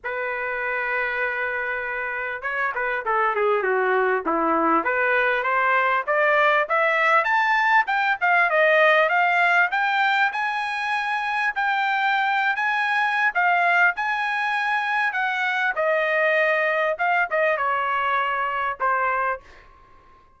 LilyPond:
\new Staff \with { instrumentName = "trumpet" } { \time 4/4 \tempo 4 = 99 b'1 | cis''8 b'8 a'8 gis'8 fis'4 e'4 | b'4 c''4 d''4 e''4 | a''4 g''8 f''8 dis''4 f''4 |
g''4 gis''2 g''4~ | g''8. gis''4~ gis''16 f''4 gis''4~ | gis''4 fis''4 dis''2 | f''8 dis''8 cis''2 c''4 | }